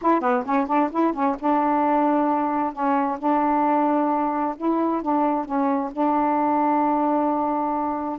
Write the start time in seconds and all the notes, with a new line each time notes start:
0.01 E4
0.20 B3
0.45 C#4
0.67 D4
0.91 E4
1.13 C#4
1.39 D4
2.72 C#4
3.18 D4
4.57 E4
5.01 D4
5.45 C#4
5.92 D4